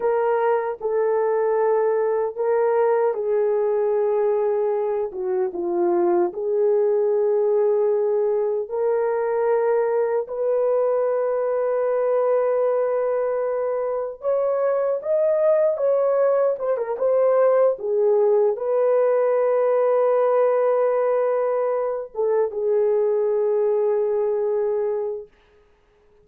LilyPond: \new Staff \with { instrumentName = "horn" } { \time 4/4 \tempo 4 = 76 ais'4 a'2 ais'4 | gis'2~ gis'8 fis'8 f'4 | gis'2. ais'4~ | ais'4 b'2.~ |
b'2 cis''4 dis''4 | cis''4 c''16 ais'16 c''4 gis'4 b'8~ | b'1 | a'8 gis'2.~ gis'8 | }